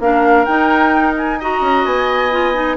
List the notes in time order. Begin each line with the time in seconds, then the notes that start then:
0.00 A#3 D4 A#4 F5
0.45 D#4 G5
1.18 G#5
1.40 F#4 D#5 A#5
1.61 C#4
1.85 B3 G#5
2.31 F4
2.54 D#4